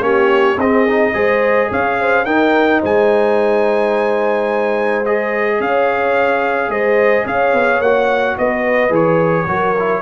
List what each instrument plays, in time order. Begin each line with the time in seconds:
0.00 tuba A#3, trombone C#4, horn G4, trumpet C#5
0.57 tuba C4, trombone C4, horn G#4, trumpet D#5
0.87 trombone D#4
1.13 tuba G#3, trombone G#4, horn C5
1.71 tuba C#4, horn C#5, trumpet F5
2.00 horn C5
2.25 tuba D#4, trombone D#4, horn A#4, trumpet G5
2.80 tuba G#3, horn C5, trumpet G#5
5.05 trombone G#4, trumpet D#5
5.58 tuba C#4, horn C#5, trumpet F5
6.68 tuba G#3, horn C5, trumpet D#5
7.25 tuba C#4, horn C#5, trumpet F5
7.53 tuba B3
7.79 tuba A#3, trombone F#4, trumpet F#5
8.37 tuba B3, horn B4, trumpet D#5
8.89 tuba E3, trombone G#4, trumpet C#5
9.46 tuba F#3, trombone F#4, horn A#4
9.78 trombone E4